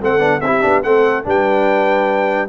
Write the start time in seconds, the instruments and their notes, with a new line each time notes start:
0.00 tuba A3, trombone C4, horn A4, trumpet F#5
0.18 tuba B3, trombone D4
0.40 tuba C4, trombone E4, horn G4, trumpet E5
0.61 tuba B3, trombone D4
0.83 tuba A3, trombone C4, horn A4, trumpet F#5
1.23 tuba G3, trombone D4, horn B4, trumpet G5